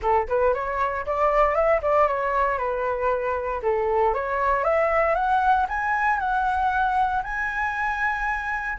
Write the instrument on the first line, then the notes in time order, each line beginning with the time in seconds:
flute
0.01 A4
0.28 B4
0.54 C#5
1.06 D5
1.54 E5
1.82 D5
2.07 C#5
2.58 B4
3.62 A4
4.14 C#5
4.64 E5
5.14 F#5
5.68 G#5
6.19 F#5
7.23 G#5